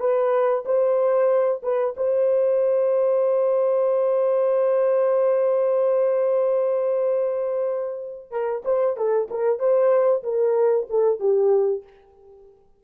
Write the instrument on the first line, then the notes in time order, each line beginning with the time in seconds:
horn
0.00 B4
0.65 C5
1.63 B4
1.97 C5
8.31 A#4
8.65 C5
8.97 A4
9.30 A#4
9.59 C5
10.23 A#4
10.89 A4
11.20 G4